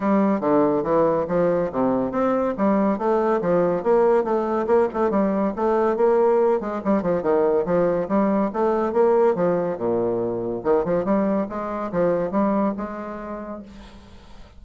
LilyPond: \new Staff \with { instrumentName = "bassoon" } { \time 4/4 \tempo 4 = 141 g4 d4 e4 f4 | c4 c'4 g4 a4 | f4 ais4 a4 ais8 a8 | g4 a4 ais4. gis8 |
g8 f8 dis4 f4 g4 | a4 ais4 f4 ais,4~ | ais,4 dis8 f8 g4 gis4 | f4 g4 gis2 | }